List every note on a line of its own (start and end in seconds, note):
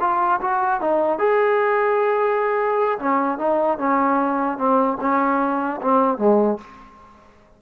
0.00 0.40 F4
0.41 0.80 F#4
0.80 1.18 D#4
1.18 2.98 G#4
2.99 3.38 C#4
3.38 3.78 D#4
3.78 4.58 C#4
4.58 4.98 C4
5.00 5.80 C#4
5.81 6.18 C4
6.18 6.58 G#3